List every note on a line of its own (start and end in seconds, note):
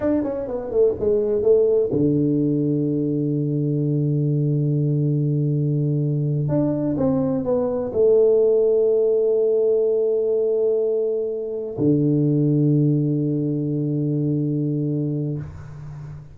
0.00 0.23 D4
0.23 0.47 C#4
0.47 0.70 B3
0.70 0.94 A3
0.99 1.42 G#3
1.42 1.90 A3
1.92 6.48 D3
6.48 6.96 D4
6.97 7.44 C4
7.44 7.92 B3
7.92 11.76 A3
11.78 15.38 D3